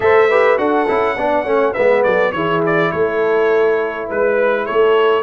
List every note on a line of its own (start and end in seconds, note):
0.00 0.58 A3
0.00 0.28 A4
0.00 0.29 C5
0.00 0.57 E5
0.29 0.57 G4
0.29 0.58 B4
0.57 0.87 D4
0.57 0.86 F#4
0.57 1.16 A4
0.57 1.73 F#5
0.87 1.17 C#4
0.87 1.17 E4
1.17 1.45 B3
1.17 1.45 D4
1.17 1.43 D5
1.43 1.74 A3
1.43 1.74 C#4
1.43 1.72 C#5
1.72 2.05 G#3
1.72 2.34 B3
1.72 2.01 B4
1.72 2.02 E5
2.03 2.33 F#3
2.03 2.32 A4
2.03 2.31 D5
2.31 2.91 E3
2.31 5.23 E4
2.31 2.91 G#4
2.31 2.61 C#5
2.66 2.91 D5
2.91 4.09 A3
2.91 4.07 A4
2.91 4.08 C#5
4.07 4.68 G#3
4.07 4.65 B4
4.07 4.66 B4
4.65 5.23 A3
4.65 5.23 A4
4.65 5.23 C#5